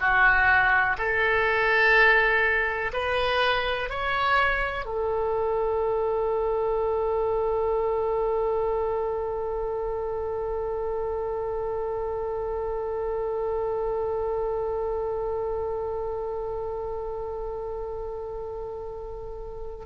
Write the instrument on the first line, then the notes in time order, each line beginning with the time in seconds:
oboe
0.00 F#4
0.98 A4
2.93 B4
3.90 C#5
4.85 A4